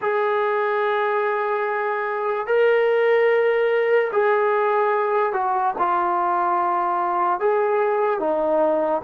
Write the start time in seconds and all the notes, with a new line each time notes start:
0.01 G#4
2.47 A#4
4.12 G#4
5.32 F#4
5.78 F4
7.40 G#4
8.19 D#4